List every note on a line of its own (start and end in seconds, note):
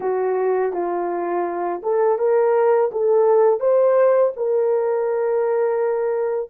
0.00 0.72 F#4
0.73 1.81 F4
1.82 2.18 A4
2.18 2.90 A#4
2.91 3.60 A4
3.60 4.32 C5
4.36 6.50 A#4